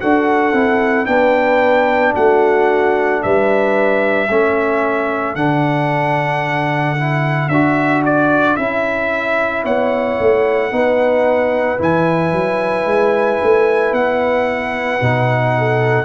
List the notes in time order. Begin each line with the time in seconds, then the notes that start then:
0.00 D4 F#4 A4 F#5
0.52 C4 E4
1.06 B3 D4 B4 G5
2.14 A3 F#4 F#5
3.22 G3 B4 E5
4.29 A3 C#4 A4
5.35 D3 D4 F#5
6.97 E4
7.49 D4 F#4 E5
8.05 D5
8.56 C#4 E4 E5
9.63 B3 C#5 F#5
10.19 A3
10.71 B3 D#4 B4
11.78 E3 E4 G#5
12.32 F#3
12.85 G#3
13.43 A3
13.92 B3 F#5
15.00 B2 D#4
15.58 A4